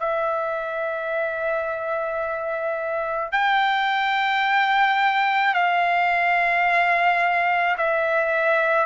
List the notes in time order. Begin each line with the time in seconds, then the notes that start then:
0.00 E5
3.32 G5
5.54 F5
7.78 E5